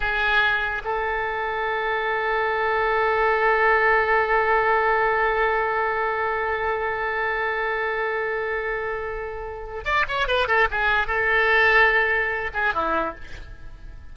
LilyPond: \new Staff \with { instrumentName = "oboe" } { \time 4/4 \tempo 4 = 146 gis'2 a'2~ | a'1~ | a'1~ | a'1~ |
a'1~ | a'1 | d''8 cis''8 b'8 a'8 gis'4 a'4~ | a'2~ a'8 gis'8 e'4 | }